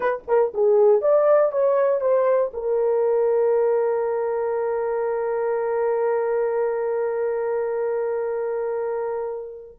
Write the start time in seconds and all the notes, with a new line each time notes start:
0.00 B4
0.27 A#4
0.54 G#4
1.01 D5
1.52 C#5
2.00 C5
2.53 A#4